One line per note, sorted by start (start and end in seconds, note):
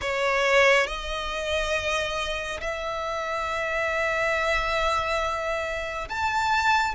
0.01 0.86 C#5
0.86 2.60 D#5
2.60 6.08 E5
6.09 6.94 A5